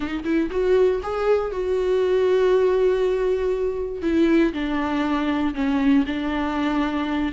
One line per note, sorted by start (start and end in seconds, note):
0.00 0.23 D#4
0.24 0.49 E4
0.50 1.01 F#4
1.02 1.51 G#4
1.51 4.02 F#4
4.02 4.52 E4
4.53 5.54 D4
5.54 6.05 C#4
6.06 7.32 D4